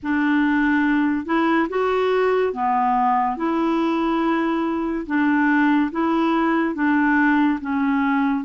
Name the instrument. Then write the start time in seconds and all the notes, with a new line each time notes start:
clarinet
0.02 D4
1.25 E4
1.69 F#4
2.53 B3
3.36 E4
5.06 D4
5.91 E4
6.75 D4
7.61 C#4